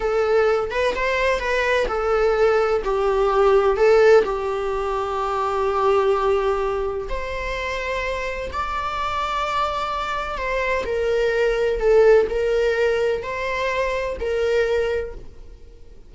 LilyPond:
\new Staff \with { instrumentName = "viola" } { \time 4/4 \tempo 4 = 127 a'4. b'8 c''4 b'4 | a'2 g'2 | a'4 g'2.~ | g'2. c''4~ |
c''2 d''2~ | d''2 c''4 ais'4~ | ais'4 a'4 ais'2 | c''2 ais'2 | }